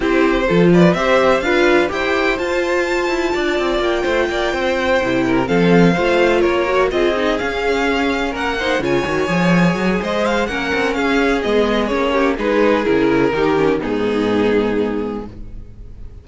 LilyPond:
<<
  \new Staff \with { instrumentName = "violin" } { \time 4/4 \tempo 4 = 126 c''4. d''8 e''4 f''4 | g''4 a''2. | g''2.~ g''8 f''8~ | f''4. cis''4 dis''4 f''8~ |
f''4. fis''4 gis''4.~ | gis''4 dis''8 f''8 fis''4 f''4 | dis''4 cis''4 b'4 ais'4~ | ais'4 gis'2. | }
  \new Staff \with { instrumentName = "violin" } { \time 4/4 g'4 a'8 b'8 c''4 b'4 | c''2. d''4~ | d''8 c''8 d''8 c''4. ais'8 a'8~ | a'8 c''4 ais'4 gis'4.~ |
gis'4. ais'8 c''8 cis''4.~ | cis''4 c''4 ais'4 gis'4~ | gis'4. g'8 gis'2 | g'4 dis'2. | }
  \new Staff \with { instrumentName = "viola" } { \time 4/4 e'4 f'4 g'4 f'4 | g'4 f'2.~ | f'2~ f'8 e'4 c'8~ | c'8 f'4. fis'8 f'8 dis'8 cis'8~ |
cis'2 dis'8 f'8 fis'8 gis'8~ | gis'2 cis'2 | b4 cis'4 dis'4 e'4 | dis'8 cis'8 b2. | }
  \new Staff \with { instrumentName = "cello" } { \time 4/4 c'4 f4 c'4 d'4 | e'4 f'4. e'8 d'8 c'8 | ais8 a8 ais8 c'4 c4 f8~ | f8 a4 ais4 c'4 cis'8~ |
cis'4. ais4 cis8 dis8 f8~ | f8 fis8 gis4 ais8 c'8 cis'4 | gis4 ais4 gis4 cis4 | dis4 gis,2. | }
>>